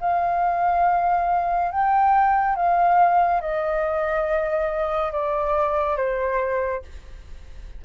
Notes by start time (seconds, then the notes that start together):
0.00 F5
1.71 G5
2.56 F5
3.41 D#5
5.12 D5
5.96 C5